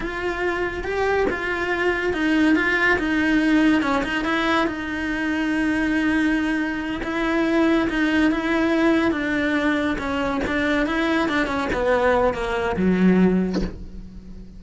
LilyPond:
\new Staff \with { instrumentName = "cello" } { \time 4/4 \tempo 4 = 141 f'2 g'4 f'4~ | f'4 dis'4 f'4 dis'4~ | dis'4 cis'8 dis'8 e'4 dis'4~ | dis'1~ |
dis'8 e'2 dis'4 e'8~ | e'4. d'2 cis'8~ | cis'8 d'4 e'4 d'8 cis'8 b8~ | b4 ais4 fis2 | }